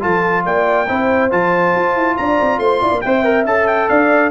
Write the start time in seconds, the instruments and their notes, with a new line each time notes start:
0.00 tuba F3, trombone F4, horn A4, trumpet A5
0.46 tuba A#3, horn D5, trumpet G5
0.88 tuba C4, trombone E4, horn C5
1.31 tuba F3, trombone F4, trumpet A5
1.75 tuba F4
1.96 tuba E4
2.17 tuba D4, horn D5, trumpet A#5
2.41 tuba C4
2.59 tuba A3, horn C5, trumpet C6
2.82 tuba E4, horn D5
2.92 tuba A#3
3.01 tuba C4, trombone C5, horn E5, trumpet G5
3.24 trombone A#4
3.46 tuba C#4, trombone A4, trumpet A5
3.67 trumpet G5
3.89 tuba D4, horn D5, trumpet F5